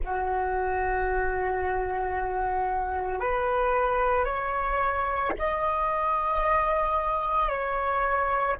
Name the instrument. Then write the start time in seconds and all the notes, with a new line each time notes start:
flute
0.04 F#4
3.19 B4
4.25 C#5
5.38 D#5
7.49 C#5